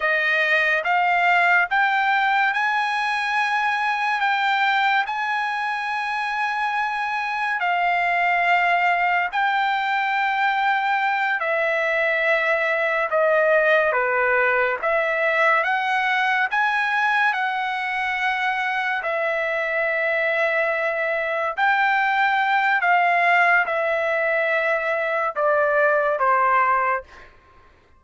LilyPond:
\new Staff \with { instrumentName = "trumpet" } { \time 4/4 \tempo 4 = 71 dis''4 f''4 g''4 gis''4~ | gis''4 g''4 gis''2~ | gis''4 f''2 g''4~ | g''4. e''2 dis''8~ |
dis''8 b'4 e''4 fis''4 gis''8~ | gis''8 fis''2 e''4.~ | e''4. g''4. f''4 | e''2 d''4 c''4 | }